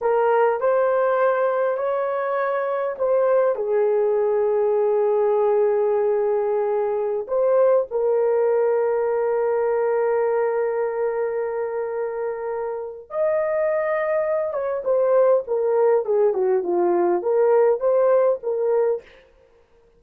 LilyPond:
\new Staff \with { instrumentName = "horn" } { \time 4/4 \tempo 4 = 101 ais'4 c''2 cis''4~ | cis''4 c''4 gis'2~ | gis'1~ | gis'16 c''4 ais'2~ ais'8.~ |
ais'1~ | ais'2 dis''2~ | dis''8 cis''8 c''4 ais'4 gis'8 fis'8 | f'4 ais'4 c''4 ais'4 | }